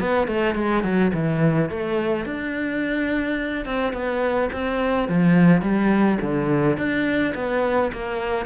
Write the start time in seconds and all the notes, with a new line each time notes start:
0.00 B3
0.28 A3
0.55 G#3
0.84 F#3
1.14 E3
1.70 A3
2.26 D4
3.66 C4
3.93 B3
4.53 C4
5.09 F3
5.62 G3
6.21 D3
6.78 D4
7.35 B3
7.93 A#3